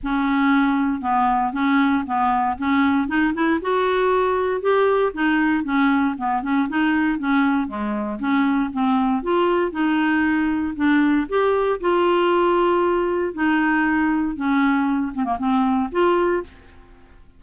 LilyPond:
\new Staff \with { instrumentName = "clarinet" } { \time 4/4 \tempo 4 = 117 cis'2 b4 cis'4 | b4 cis'4 dis'8 e'8 fis'4~ | fis'4 g'4 dis'4 cis'4 | b8 cis'8 dis'4 cis'4 gis4 |
cis'4 c'4 f'4 dis'4~ | dis'4 d'4 g'4 f'4~ | f'2 dis'2 | cis'4. c'16 ais16 c'4 f'4 | }